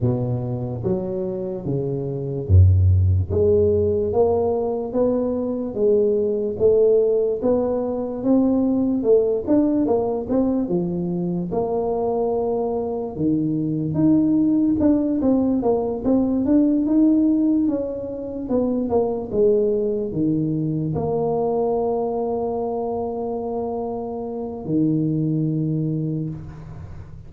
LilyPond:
\new Staff \with { instrumentName = "tuba" } { \time 4/4 \tempo 4 = 73 b,4 fis4 cis4 fis,4 | gis4 ais4 b4 gis4 | a4 b4 c'4 a8 d'8 | ais8 c'8 f4 ais2 |
dis4 dis'4 d'8 c'8 ais8 c'8 | d'8 dis'4 cis'4 b8 ais8 gis8~ | gis8 dis4 ais2~ ais8~ | ais2 dis2 | }